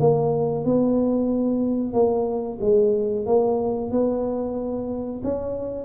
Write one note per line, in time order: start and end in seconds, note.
0.00 0.65 A#3
0.65 1.93 B3
1.93 2.58 A#3
2.61 3.26 G#3
3.26 3.91 A#3
3.91 5.22 B3
5.24 5.85 C#4